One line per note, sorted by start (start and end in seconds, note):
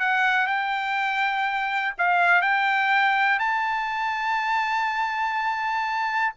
0.00 0.47 F#5
0.47 1.95 G5
1.99 2.42 F5
2.42 3.40 G5
3.40 6.35 A5